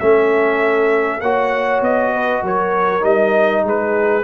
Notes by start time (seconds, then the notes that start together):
0.00 A3 C#4 A4 E5
1.21 A#3 F#4 C#5 F#5
1.82 B3 D#5
2.12 B4
2.43 F#3 A#4 C#5
3.01 G3 D#4 D#5
3.64 G#3 G#4 B4